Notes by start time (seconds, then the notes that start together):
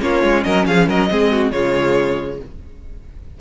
0.00 A#3 C#4 F4 C#5
0.23 G#3
0.43 F#3 A#4 D#5
0.66 F3 G#4 F5
0.87 F#3 A#4 D#5
1.09 G#3 C4 G#4
1.31 F#4
1.51 C#3 G#3 F4 C#5